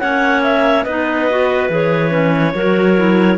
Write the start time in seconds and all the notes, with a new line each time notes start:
0.00 A#3 C#4 C#5 F#5
0.43 E5
0.85 B3 D#4 B4 D#5
1.30 F#4
1.70 E3 G#4 C#5
2.10 C#4
2.55 F#3 F#4 A#4
2.97 E4